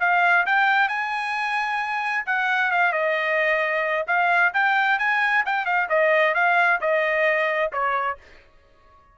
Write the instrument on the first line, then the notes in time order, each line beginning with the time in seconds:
trumpet
0.00 F5
0.46 G5
0.88 G#5
2.26 F#5
2.71 F5
2.92 D#5
4.07 F5
4.54 G5
4.99 G#5
5.45 G5
5.65 F5
5.89 D#5
6.34 F5
6.81 D#5
7.72 C#5